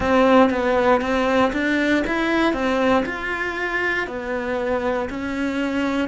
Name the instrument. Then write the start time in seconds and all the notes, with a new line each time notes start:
cello
0.00 C4
0.50 B3
1.01 C4
1.53 D4
2.07 E4
2.53 C4
3.05 F4
4.07 B3
5.09 C#4